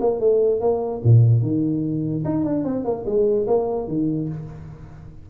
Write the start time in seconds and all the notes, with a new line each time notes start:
0.00 A#3
0.20 A3
0.60 A#3
1.04 A#2
1.42 D#3
2.24 D#4
2.45 D4
2.64 C4
2.84 A#3
3.06 G#3
3.47 A#3
3.88 D#3